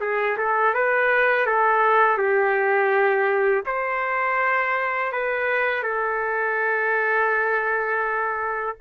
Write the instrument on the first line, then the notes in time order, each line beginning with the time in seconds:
trumpet
0.00 G#4
0.37 A4
0.74 B4
1.46 A4
2.18 G4
3.66 C5
5.12 B4
5.83 A4